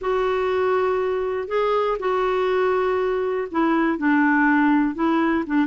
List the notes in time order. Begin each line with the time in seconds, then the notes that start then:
0.01 F#4
1.48 G#4
1.99 F#4
3.51 E4
3.98 D4
4.95 E4
5.46 D4